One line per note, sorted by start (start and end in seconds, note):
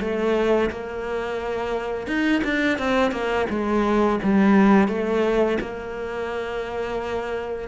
0.00 0.70 A3
0.70 2.07 A#3
2.07 2.42 D#4
2.44 2.78 D4
2.78 3.11 C4
3.11 3.46 A#3
3.49 4.19 G#3
4.23 4.88 G3
4.88 5.58 A3
5.60 7.68 A#3